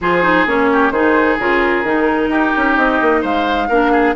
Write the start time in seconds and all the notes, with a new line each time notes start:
0.00 F3 F4 G#4 C5
0.22 D#4
0.46 A#3 C#4 C#5
0.72 G4
0.90 D#3 D#4 G#4 C5
1.39 C#3 F4 A#4
1.83 D#3 D#4
2.28 D#4 G4
2.56 C#4
2.76 C4 D#5
3.01 A#3
3.21 G#3 C5 F5
3.68 A#3 D4 A#4
3.91 G#4